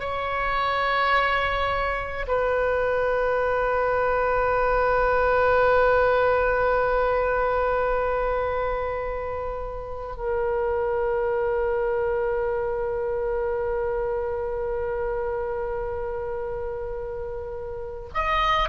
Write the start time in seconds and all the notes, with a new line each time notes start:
0.00 C#5
2.27 B4
10.16 A#4
18.14 D#5